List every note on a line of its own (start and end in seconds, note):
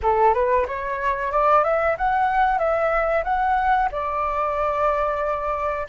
0.02 0.33 A4
0.33 0.66 B4
0.67 1.31 C#5
1.31 1.64 D5
1.64 1.96 E5
1.97 2.58 F#5
2.58 3.23 E5
3.24 3.89 F#5
3.91 5.87 D5